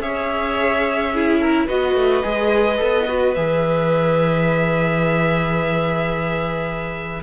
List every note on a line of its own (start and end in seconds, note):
0.00 1.67 C#4
0.00 1.13 G#4
0.00 1.13 C#5
0.00 1.68 E5
1.14 1.69 E4
1.14 1.42 G#4
1.42 1.67 A#4
1.67 1.95 B3
1.67 2.23 F#4
1.67 7.23 B4
1.67 3.35 D#5
1.95 2.23 A3
2.23 2.81 G#3
2.23 2.78 G#4
2.78 3.37 B3
2.78 3.06 A4
3.08 3.36 F#4
3.35 7.23 E3
3.35 7.23 G#4
3.35 7.23 E5